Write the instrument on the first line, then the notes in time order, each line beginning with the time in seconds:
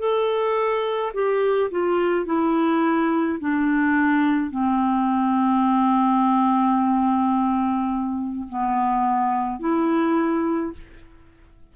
clarinet
0.00 A4
1.14 G4
1.71 F4
2.26 E4
3.40 D4
4.51 C4
8.49 B3
9.60 E4